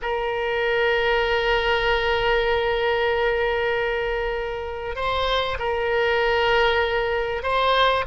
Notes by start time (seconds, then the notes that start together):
0.02 A#4
4.95 C5
5.58 A#4
7.42 C5